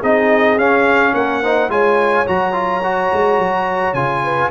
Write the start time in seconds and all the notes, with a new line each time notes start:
0.00 C4 D#4 G#4 D#5
0.57 C#4 F5
1.14 A#3 A#4 F#5
1.42 D#4 C5
1.69 G#3 F4 C#5 G#5
2.26 F#3 F#4 A#5
2.53 F4
2.83 F#4
3.13 G#3
3.39 F#3
3.93 C#3 F4 G#5
4.24 B4